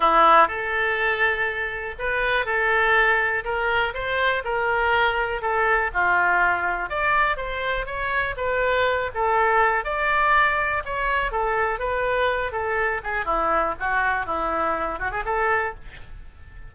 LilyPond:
\new Staff \with { instrumentName = "oboe" } { \time 4/4 \tempo 4 = 122 e'4 a'2. | b'4 a'2 ais'4 | c''4 ais'2 a'4 | f'2 d''4 c''4 |
cis''4 b'4. a'4. | d''2 cis''4 a'4 | b'4. a'4 gis'8 e'4 | fis'4 e'4. fis'16 gis'16 a'4 | }